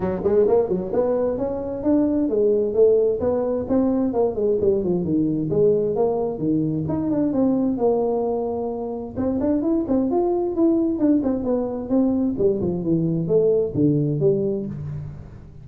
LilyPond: \new Staff \with { instrumentName = "tuba" } { \time 4/4 \tempo 4 = 131 fis8 gis8 ais8 fis8 b4 cis'4 | d'4 gis4 a4 b4 | c'4 ais8 gis8 g8 f8 dis4 | gis4 ais4 dis4 dis'8 d'8 |
c'4 ais2. | c'8 d'8 e'8 c'8 f'4 e'4 | d'8 c'8 b4 c'4 g8 f8 | e4 a4 d4 g4 | }